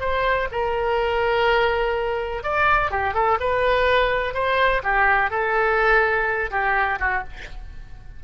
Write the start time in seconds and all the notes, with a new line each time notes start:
0.00 C5
0.51 A#4
2.43 D5
2.91 G4
3.14 A4
3.40 B4
4.34 C5
4.83 G4
5.30 A4
6.51 G4
7.00 F#4